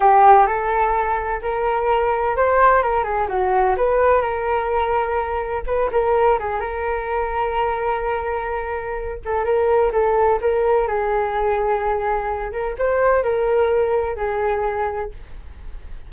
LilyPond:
\new Staff \with { instrumentName = "flute" } { \time 4/4 \tempo 4 = 127 g'4 a'2 ais'4~ | ais'4 c''4 ais'8 gis'8 fis'4 | b'4 ais'2. | b'8 ais'4 gis'8 ais'2~ |
ais'2.~ ais'8 a'8 | ais'4 a'4 ais'4 gis'4~ | gis'2~ gis'8 ais'8 c''4 | ais'2 gis'2 | }